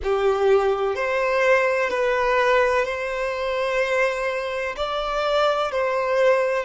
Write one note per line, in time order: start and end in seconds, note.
0.03 0.95 G4
0.95 1.90 C5
1.90 2.85 B4
2.85 4.75 C5
4.76 5.71 D5
5.71 6.65 C5